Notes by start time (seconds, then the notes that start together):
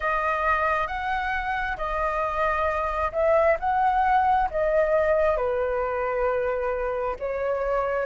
0.00 D#5
0.87 F#5
1.77 D#5
3.12 E5
3.59 F#5
4.50 D#5
5.36 B4
7.19 C#5